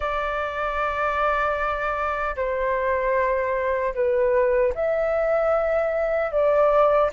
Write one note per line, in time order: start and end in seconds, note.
0.00 2.35 D5
2.36 3.94 C5
3.94 4.73 B4
4.74 6.31 E5
6.31 7.10 D5